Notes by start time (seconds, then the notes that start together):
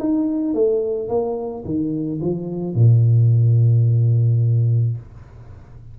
0.00 D#4
0.55 A3
1.09 A#3
1.65 D#3
2.21 F3
2.75 A#2